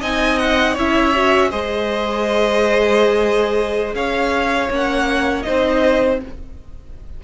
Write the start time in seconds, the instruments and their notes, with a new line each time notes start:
0.00 cello C4, viola D#4, violin D#5 G#5
0.39 violin F#5
0.73 cello C#4, viola E4, violin C#5 E5
1.15 viola F#4
1.50 cello G#3, viola G#4, violin C5 D#5
3.94 cello C#4, violin C#5 F5
4.70 cello A#3, viola C#4, violin F#5
5.43 viola D#4, violin C5 D#5
5.49 cello C4